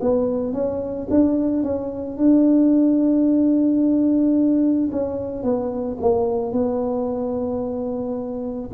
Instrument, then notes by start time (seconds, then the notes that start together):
tuba
0.00 B3
0.53 C#4
1.10 D4
1.63 C#4
2.17 D4
4.91 C#4
5.42 B3
6.00 A#3
6.52 B3